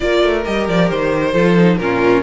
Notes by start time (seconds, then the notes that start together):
0.00 A#3 F4 A#4 D5
0.23 A3
0.44 G3 G4 D#5
0.68 F3 D5
0.90 D#3 C5
1.32 F3 F4 A4
1.56 D#4
1.77 A#2 C#4 F4 A#4